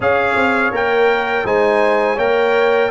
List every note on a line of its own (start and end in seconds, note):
0.00 0.35 C#4
0.00 0.73 G#4
0.00 1.45 C#5
0.00 0.74 F5
0.35 0.71 C4
0.71 1.44 A#3
0.71 1.44 A#4
0.71 1.46 G5
1.44 2.18 G#3
1.44 2.18 D#4
1.44 2.15 C5
1.44 2.18 G#5
2.15 2.90 A#3
2.15 2.90 A#4
2.15 2.88 C#5
2.15 2.90 G5